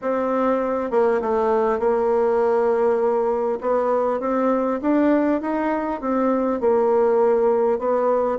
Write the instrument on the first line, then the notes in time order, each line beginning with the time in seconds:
bassoon
0.01 C4
0.90 A#3
1.21 A3
1.79 A#3
3.60 B3
4.19 C4
4.81 D4
5.41 D#4
6.00 C4
6.60 A#3
7.78 B3